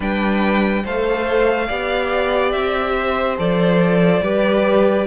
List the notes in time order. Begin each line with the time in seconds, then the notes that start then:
0.00 G3 D4 B4 G5
0.83 A3 A4 C5 F5
1.67 B3 G4 D5
2.51 C4 E5
2.97 C5
3.38 F3 A4 D5
4.20 G3 G4 B4